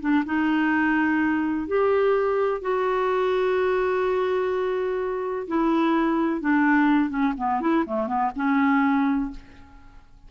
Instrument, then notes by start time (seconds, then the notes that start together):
clarinet
0.00 D4
0.25 D#4
1.67 G4
2.61 F#4
5.47 E4
6.40 D4
7.09 C#4
7.37 B3
7.60 E4
7.86 A3
8.07 B3
8.35 C#4